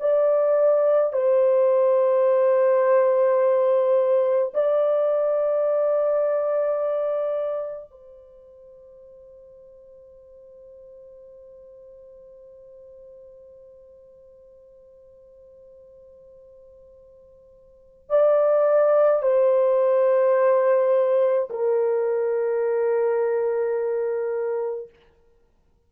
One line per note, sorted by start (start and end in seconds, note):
0.00 1.13 D5
1.13 4.52 C5
4.54 7.91 D5
7.91 18.10 C5
18.10 19.22 D5
19.22 21.49 C5
21.50 24.90 A#4